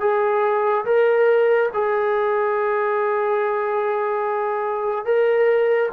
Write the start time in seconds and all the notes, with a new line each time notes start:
0.00 G#4
0.85 A#4
1.73 G#4
5.04 A#4